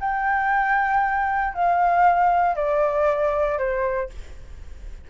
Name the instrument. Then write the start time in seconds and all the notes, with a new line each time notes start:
flute
0.00 G5
1.54 F5
2.55 D5
3.58 C5